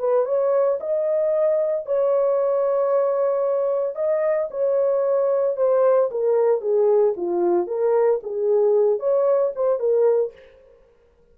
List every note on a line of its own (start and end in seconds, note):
0.00 0.26 B4
0.26 0.79 C#5
0.81 1.86 D#5
1.86 3.96 C#5
3.96 4.49 D#5
4.51 5.57 C#5
5.57 6.10 C5
6.11 6.62 A#4
6.62 7.15 G#4
7.17 7.67 F4
7.67 8.21 A#4
8.23 9.00 G#4
9.00 9.53 C#5
9.56 9.80 C5
9.80 10.33 A#4